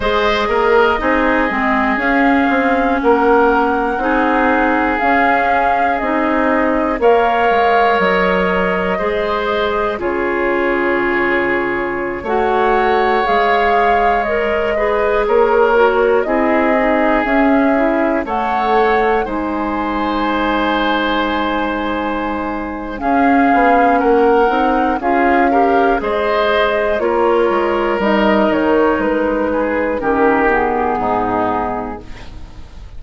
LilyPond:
<<
  \new Staff \with { instrumentName = "flute" } { \time 4/4 \tempo 4 = 60 dis''2 f''4 fis''4~ | fis''4 f''4 dis''4 f''4 | dis''2 cis''2~ | cis''16 fis''4 f''4 dis''4 cis''8.~ |
cis''16 dis''4 e''4 fis''4 gis''8.~ | gis''2. f''4 | fis''4 f''4 dis''4 cis''4 | dis''8 cis''8 b'4 ais'8 gis'4. | }
  \new Staff \with { instrumentName = "oboe" } { \time 4/4 c''8 ais'8 gis'2 ais'4 | gis'2. cis''4~ | cis''4 c''4 gis'2~ | gis'16 cis''2~ cis''8 b'8 ais'8.~ |
ais'16 gis'2 cis''4 c''8.~ | c''2. gis'4 | ais'4 gis'8 ais'8 c''4 ais'4~ | ais'4. gis'8 g'4 dis'4 | }
  \new Staff \with { instrumentName = "clarinet" } { \time 4/4 gis'4 dis'8 c'8 cis'2 | dis'4 cis'4 dis'4 ais'4~ | ais'4 gis'4 f'2~ | f'16 fis'4 gis'4 ais'8 gis'4 fis'16~ |
fis'16 e'8 dis'8 cis'8 e'8 a'4 dis'8.~ | dis'2. cis'4~ | cis'8 dis'8 f'8 g'8 gis'4 f'4 | dis'2 cis'8 b4. | }
  \new Staff \with { instrumentName = "bassoon" } { \time 4/4 gis8 ais8 c'8 gis8 cis'8 c'8 ais4 | c'4 cis'4 c'4 ais8 gis8 | fis4 gis4 cis2~ | cis16 a4 gis2 ais8.~ |
ais16 c'4 cis'4 a4 gis8.~ | gis2. cis'8 b8 | ais8 c'8 cis'4 gis4 ais8 gis8 | g8 dis8 gis4 dis4 gis,4 | }
>>